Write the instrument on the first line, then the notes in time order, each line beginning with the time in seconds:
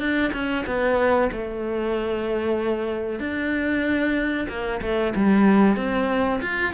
cello
0.00 D4
0.33 C#4
0.67 B3
1.33 A3
3.20 D4
4.49 A#3
4.82 A3
5.16 G3
5.77 C4
6.41 F4